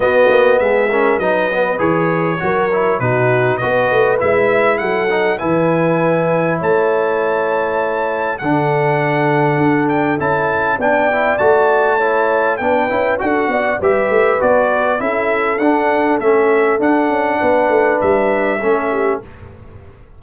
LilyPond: <<
  \new Staff \with { instrumentName = "trumpet" } { \time 4/4 \tempo 4 = 100 dis''4 e''4 dis''4 cis''4~ | cis''4 b'4 dis''4 e''4 | fis''4 gis''2 a''4~ | a''2 fis''2~ |
fis''8 g''8 a''4 g''4 a''4~ | a''4 g''4 fis''4 e''4 | d''4 e''4 fis''4 e''4 | fis''2 e''2 | }
  \new Staff \with { instrumentName = "horn" } { \time 4/4 fis'4 gis'8 ais'8 b'2 | ais'4 fis'4 b'2 | a'4 b'2 cis''4~ | cis''2 a'2~ |
a'2 d''2 | cis''4 b'4 a'8 d''8 b'4~ | b'4 a'2.~ | a'4 b'2 a'8 g'8 | }
  \new Staff \with { instrumentName = "trombone" } { \time 4/4 b4. cis'8 dis'8 b8 gis'4 | fis'8 e'8 dis'4 fis'4 e'4~ | e'8 dis'8 e'2.~ | e'2 d'2~ |
d'4 e'4 d'8 e'8 fis'4 | e'4 d'8 e'8 fis'4 g'4 | fis'4 e'4 d'4 cis'4 | d'2. cis'4 | }
  \new Staff \with { instrumentName = "tuba" } { \time 4/4 b8 ais8 gis4 fis4 e4 | fis4 b,4 b8 a8 gis4 | fis4 e2 a4~ | a2 d2 |
d'4 cis'4 b4 a4~ | a4 b8 cis'8 d'8 b8 g8 a8 | b4 cis'4 d'4 a4 | d'8 cis'8 b8 a8 g4 a4 | }
>>